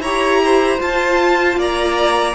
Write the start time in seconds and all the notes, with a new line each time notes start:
0.00 E4 G4 C#5 A#5
0.44 C5
0.79 F4 A5
1.56 A#3 D5 A#5